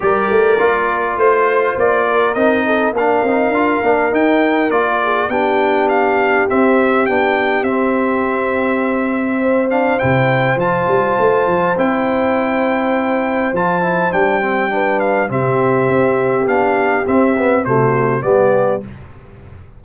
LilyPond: <<
  \new Staff \with { instrumentName = "trumpet" } { \time 4/4 \tempo 4 = 102 d''2 c''4 d''4 | dis''4 f''2 g''4 | d''4 g''4 f''4 e''4 | g''4 e''2.~ |
e''8 f''8 g''4 a''2 | g''2. a''4 | g''4. f''8 e''2 | f''4 e''4 c''4 d''4 | }
  \new Staff \with { instrumentName = "horn" } { \time 4/4 ais'2 c''4. ais'8~ | ais'8 a'8 ais'2.~ | ais'8 gis'8 g'2.~ | g'1 |
c''1~ | c''1~ | c''4 b'4 g'2~ | g'2 fis'4 g'4 | }
  \new Staff \with { instrumentName = "trombone" } { \time 4/4 g'4 f'2. | dis'4 d'8 dis'8 f'8 d'8 dis'4 | f'4 d'2 c'4 | d'4 c'2.~ |
c'8 d'8 e'4 f'2 | e'2. f'8 e'8 | d'8 c'8 d'4 c'2 | d'4 c'8 b8 a4 b4 | }
  \new Staff \with { instrumentName = "tuba" } { \time 4/4 g8 a8 ais4 a4 ais4 | c'4 ais8 c'8 d'8 ais8 dis'4 | ais4 b2 c'4 | b4 c'2.~ |
c'4 c4 f8 g8 a8 f8 | c'2. f4 | g2 c4 c'4 | b4 c'4 c4 g4 | }
>>